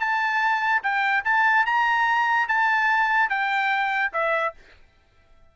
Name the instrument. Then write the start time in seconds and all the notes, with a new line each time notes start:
trumpet
0.00 A5
0.83 G5
1.25 A5
1.66 A#5
2.48 A5
3.30 G5
4.13 E5